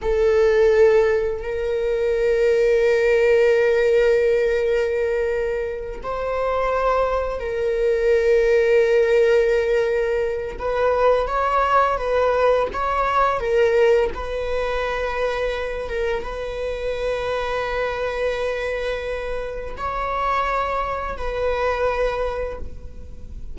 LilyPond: \new Staff \with { instrumentName = "viola" } { \time 4/4 \tempo 4 = 85 a'2 ais'2~ | ais'1~ | ais'8 c''2 ais'4.~ | ais'2. b'4 |
cis''4 b'4 cis''4 ais'4 | b'2~ b'8 ais'8 b'4~ | b'1 | cis''2 b'2 | }